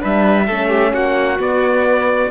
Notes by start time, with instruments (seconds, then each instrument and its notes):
0.00 cello G3, horn D4, violin B4, trumpet E5
0.46 cello A3, horn C#4, violin A4
0.69 violin G4
0.94 cello A#3, violin F#4, trumpet F#5
1.38 horn B3, cello B3, trumpet D5